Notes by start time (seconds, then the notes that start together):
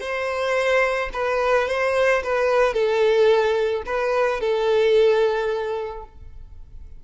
0.00 C5
1.13 B4
1.68 C5
2.23 B4
2.73 A4
3.86 B4
4.40 A4